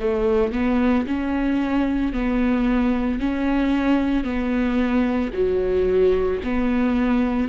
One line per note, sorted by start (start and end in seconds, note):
0.00 0.53 A3
0.53 1.06 B3
1.07 2.13 C#4
2.13 3.20 B3
3.20 4.24 C#4
4.24 5.31 B3
5.33 6.40 F#3
6.44 7.49 B3